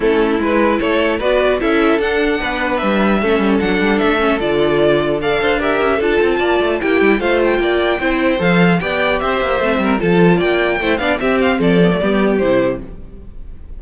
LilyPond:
<<
  \new Staff \with { instrumentName = "violin" } { \time 4/4 \tempo 4 = 150 a'4 b'4 cis''4 d''4 | e''4 fis''2 e''4~ | e''4 fis''4 e''4 d''4~ | d''4 f''4 e''4 a''4~ |
a''4 g''4 f''8 g''4.~ | g''4 f''4 g''4 e''4~ | e''4 a''4 g''4. f''8 | e''8 f''8 d''2 c''4 | }
  \new Staff \with { instrumentName = "violin" } { \time 4/4 e'2 a'4 b'4 | a'2 b'2 | a'1~ | a'4 d''8 c''8 ais'4 a'4 |
d''4 g'4 c''4 d''4 | c''2 d''4 c''4~ | c''8 ais'8 a'4 d''4 c''8 d''8 | g'4 a'4 g'2 | }
  \new Staff \with { instrumentName = "viola" } { \time 4/4 cis'4 e'2 fis'4 | e'4 d'2. | cis'4 d'4. cis'8 f'4~ | f'4 a'4 g'4 f'4~ |
f'4 e'4 f'2 | e'4 a'4 g'2 | c'4 f'2 e'8 d'8 | c'4. b16 a16 b4 e'4 | }
  \new Staff \with { instrumentName = "cello" } { \time 4/4 a4 gis4 a4 b4 | cis'4 d'4 b4 g4 | a8 g8 fis8 g8 a4 d4~ | d4. d'4 cis'8 d'8 c'8 |
ais8 a8 ais8 g8 a4 ais4 | c'4 f4 b4 c'8 ais8 | a8 g8 f4 ais4 a8 b8 | c'4 f4 g4 c4 | }
>>